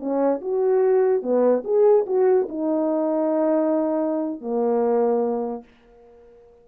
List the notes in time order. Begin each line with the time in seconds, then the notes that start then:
0.00 C#4
0.41 F#4
1.23 B3
1.65 G#4
2.07 F#4
2.49 D#4
4.41 A#3